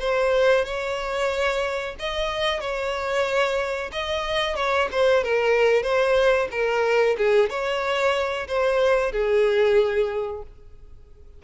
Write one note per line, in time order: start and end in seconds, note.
0.00 0.65 C5
0.65 1.96 C#5
2.00 2.61 D#5
2.61 3.91 C#5
3.92 4.56 D#5
4.56 4.89 C#5
4.92 5.24 C5
5.24 5.83 A#4
5.83 6.48 C5
6.52 7.17 A#4
7.18 7.50 G#4
7.50 8.48 C#5
8.48 9.12 C5
9.12 10.43 G#4